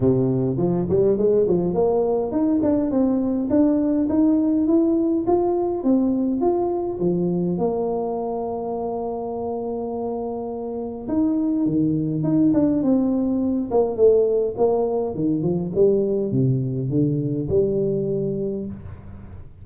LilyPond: \new Staff \with { instrumentName = "tuba" } { \time 4/4 \tempo 4 = 103 c4 f8 g8 gis8 f8 ais4 | dis'8 d'8 c'4 d'4 dis'4 | e'4 f'4 c'4 f'4 | f4 ais2.~ |
ais2. dis'4 | dis4 dis'8 d'8 c'4. ais8 | a4 ais4 dis8 f8 g4 | c4 d4 g2 | }